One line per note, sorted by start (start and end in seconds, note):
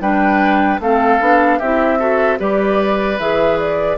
0.00 0.79 G3
0.00 0.80 D4
0.00 0.80 B4
0.00 0.80 G5
0.79 1.19 A3
0.79 1.21 C4
0.79 1.59 A4
0.79 1.59 F5
1.20 1.60 B3
1.20 1.60 D4
1.59 2.40 C4
1.59 1.99 E4
1.59 1.98 G4
1.59 2.38 E5
1.99 2.38 F#4
1.99 2.38 A4
2.38 3.19 G3
2.38 3.17 G4
2.38 3.97 B4
2.38 3.19 D5
3.19 3.98 E3
3.19 3.98 G#4
3.19 3.58 E5
3.59 3.98 D5